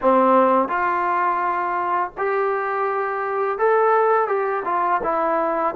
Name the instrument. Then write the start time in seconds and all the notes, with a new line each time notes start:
trombone
0.01 C4
0.68 F4
2.17 G4
3.58 A4
4.27 G4
4.65 F4
5.03 E4